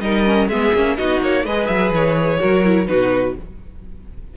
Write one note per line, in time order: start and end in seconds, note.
0.00 0.48 G3
0.00 0.25 D#4
0.00 0.49 A#4
0.00 0.48 D#5
0.25 0.49 C#4
0.48 0.72 G#3
0.48 0.75 B3
0.48 0.96 G#4
0.48 0.96 E5
0.73 0.97 A#3
0.73 0.97 C#4
0.96 1.21 B3
0.96 1.45 D#4
0.96 1.44 F#4
0.96 1.20 D#5
1.21 1.44 A#3
1.21 1.46 C#5
1.44 1.68 G#3
1.44 2.39 G#4
1.44 2.39 B4
1.44 1.66 D#5
1.66 1.91 F#3
1.66 1.90 E5
1.91 2.38 E3
1.91 2.86 C#5
2.39 2.89 F#3
2.39 2.63 F#4
2.39 2.87 A#4
2.64 2.86 E4
2.86 3.36 B2
2.86 3.34 D#4
2.86 3.36 F#4
2.86 3.34 B4